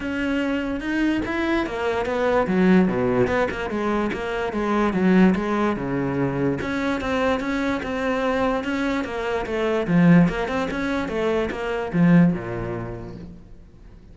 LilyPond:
\new Staff \with { instrumentName = "cello" } { \time 4/4 \tempo 4 = 146 cis'2 dis'4 e'4 | ais4 b4 fis4 b,4 | b8 ais8 gis4 ais4 gis4 | fis4 gis4 cis2 |
cis'4 c'4 cis'4 c'4~ | c'4 cis'4 ais4 a4 | f4 ais8 c'8 cis'4 a4 | ais4 f4 ais,2 | }